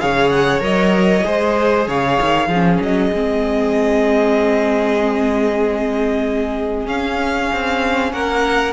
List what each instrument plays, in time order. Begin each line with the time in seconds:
0.00 cello C#3, viola G#4, violin C#5 F5
0.29 violin F#5
0.60 cello F#3, viola A#4, violin D#5
1.24 cello G#3, viola G#4, violin C5
1.88 cello C#3, violin C#5 F5
2.21 cello D#3
2.48 cello F3, violin G#4
2.54 viola C#4
2.80 cello F#3, violin D#5
3.12 cello G#3, viola C4
6.85 viola C#4, cello C#4, violin F5
7.53 cello C4
8.12 cello A#3, violin A#4 F#5